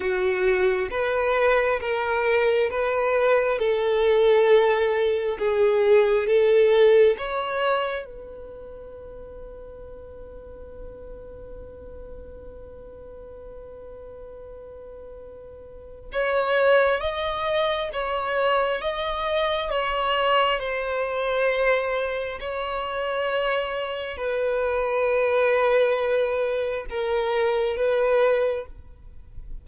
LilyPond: \new Staff \with { instrumentName = "violin" } { \time 4/4 \tempo 4 = 67 fis'4 b'4 ais'4 b'4 | a'2 gis'4 a'4 | cis''4 b'2.~ | b'1~ |
b'2 cis''4 dis''4 | cis''4 dis''4 cis''4 c''4~ | c''4 cis''2 b'4~ | b'2 ais'4 b'4 | }